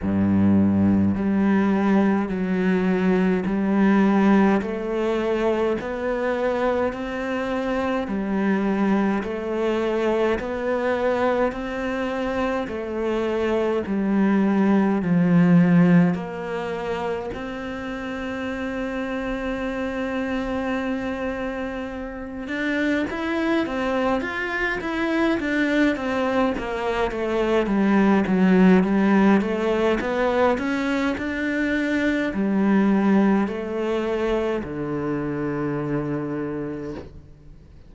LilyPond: \new Staff \with { instrumentName = "cello" } { \time 4/4 \tempo 4 = 52 g,4 g4 fis4 g4 | a4 b4 c'4 g4 | a4 b4 c'4 a4 | g4 f4 ais4 c'4~ |
c'2.~ c'8 d'8 | e'8 c'8 f'8 e'8 d'8 c'8 ais8 a8 | g8 fis8 g8 a8 b8 cis'8 d'4 | g4 a4 d2 | }